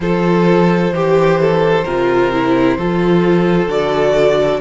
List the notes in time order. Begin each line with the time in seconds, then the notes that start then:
0.00 F3 F4 A4 C5
0.91 E3 G4
1.41 A4
1.84 C3 F4 A#4
2.32 E4
2.77 F3 F4 A4
3.67 D3 F#4 D5